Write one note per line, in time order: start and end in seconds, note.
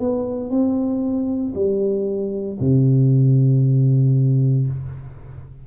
0.00 0.50 B3
0.50 1.54 C4
1.55 2.58 G3
2.61 4.67 C3